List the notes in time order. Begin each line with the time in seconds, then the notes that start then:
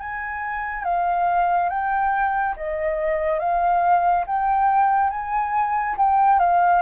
0.00 G#5
0.84 F5
1.69 G5
2.57 D#5
3.39 F5
4.27 G5
5.10 G#5
5.98 G5
6.40 F5